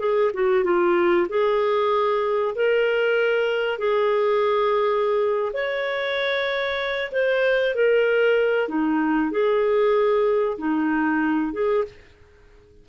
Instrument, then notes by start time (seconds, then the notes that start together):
clarinet
0.00 G#4
0.34 F#4
0.64 F4
1.29 G#4
2.56 A#4
3.78 G#4
5.53 C#5
7.12 C5
7.75 A#4
8.68 D#4
9.31 G#4
10.58 D#4
11.53 G#4